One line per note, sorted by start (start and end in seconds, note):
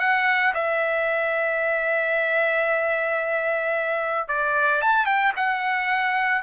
0.00 0.54 F#5
0.55 4.29 E5
4.29 4.82 D5
4.82 5.06 A5
5.06 5.33 G5
5.36 6.43 F#5